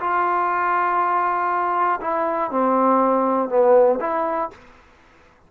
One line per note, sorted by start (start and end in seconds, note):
0.00 2.00 F4
2.00 2.50 E4
2.50 3.49 C4
3.49 3.99 B3
4.00 4.50 E4